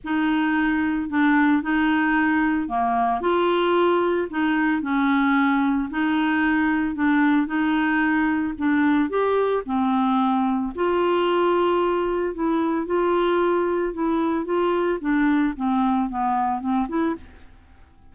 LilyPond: \new Staff \with { instrumentName = "clarinet" } { \time 4/4 \tempo 4 = 112 dis'2 d'4 dis'4~ | dis'4 ais4 f'2 | dis'4 cis'2 dis'4~ | dis'4 d'4 dis'2 |
d'4 g'4 c'2 | f'2. e'4 | f'2 e'4 f'4 | d'4 c'4 b4 c'8 e'8 | }